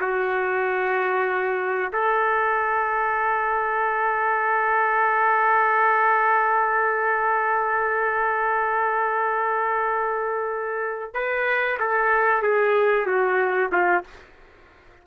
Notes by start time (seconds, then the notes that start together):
0.00 F#4
1.93 A4
11.14 B4
11.79 A4
12.42 G#4
13.06 F#4
13.72 F4